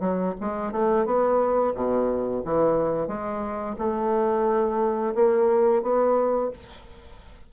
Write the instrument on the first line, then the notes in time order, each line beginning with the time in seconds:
bassoon
0.00 F#3
0.40 G#3
0.72 A3
1.06 B3
1.75 B2
2.45 E3
3.07 G#3
3.78 A3
5.15 A#3
5.82 B3